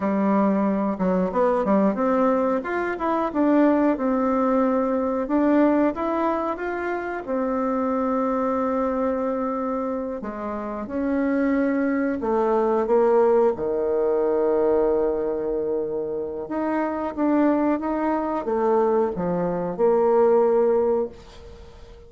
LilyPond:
\new Staff \with { instrumentName = "bassoon" } { \time 4/4 \tempo 4 = 91 g4. fis8 b8 g8 c'4 | f'8 e'8 d'4 c'2 | d'4 e'4 f'4 c'4~ | c'2.~ c'8 gis8~ |
gis8 cis'2 a4 ais8~ | ais8 dis2.~ dis8~ | dis4 dis'4 d'4 dis'4 | a4 f4 ais2 | }